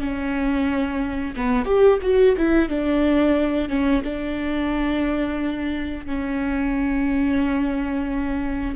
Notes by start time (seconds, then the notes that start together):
0.00 C#4
1.36 B3
1.65 G4
2.02 F#4
2.37 E4
2.69 D4
3.69 C#4
4.04 D4
6.06 C#4